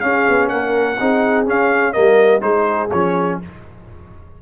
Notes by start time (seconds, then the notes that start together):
0.00 C#4 G#4 F5
0.29 B3
0.49 A#3 A#4 F#5
1.00 C4 D#4 G#4
1.46 C#4 F5
1.93 G3 A#3 A#4 D#5
2.40 G#3 D#4 G#4 C5
2.91 F3 C#4 C#5